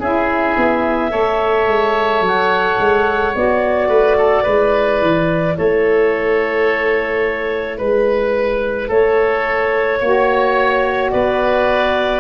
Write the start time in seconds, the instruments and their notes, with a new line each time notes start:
0.00 tuba C#4, saxophone E4, oboe G#4, clarinet E5
0.57 tuba B3
1.10 tuba A3, saxophone A4, oboe C#5
1.67 tuba G#3
2.21 tuba F#3
2.27 clarinet F#5
2.79 tuba G#3
3.35 tuba B3, saxophone F#4, clarinet D5
3.89 tuba A3, oboe B4
4.18 oboe A4
4.43 tuba G#3, saxophone E4, oboe B4
5.02 tuba E3
5.57 tuba A3, oboe A4, clarinet C#5
7.78 tuba G#3, oboe B4, clarinet B4
8.88 tuba A3, oboe A4, clarinet C#5
10.00 tuba A#3, saxophone F#4, oboe C#5
11.11 tuba B3, oboe B4, clarinet D5